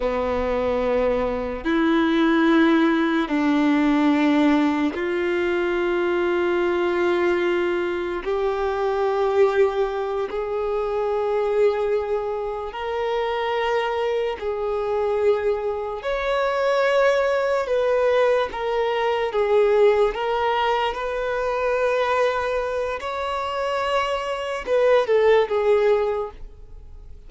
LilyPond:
\new Staff \with { instrumentName = "violin" } { \time 4/4 \tempo 4 = 73 b2 e'2 | d'2 f'2~ | f'2 g'2~ | g'8 gis'2. ais'8~ |
ais'4. gis'2 cis''8~ | cis''4. b'4 ais'4 gis'8~ | gis'8 ais'4 b'2~ b'8 | cis''2 b'8 a'8 gis'4 | }